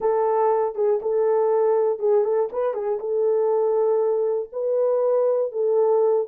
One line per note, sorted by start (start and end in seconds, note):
0.00 0.75 A4
0.75 1.00 G#4
1.02 1.99 A4
1.99 2.24 G#4
2.24 2.49 A4
2.52 2.73 B4
2.73 2.98 G#4
2.99 4.49 A4
4.52 5.52 B4
5.52 6.27 A4